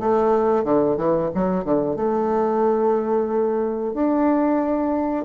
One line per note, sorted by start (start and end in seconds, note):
0.00 0.64 A3
0.64 0.97 D3
0.97 1.30 E3
1.35 1.65 F#3
1.65 1.96 D3
1.96 3.94 A3
3.94 5.26 D4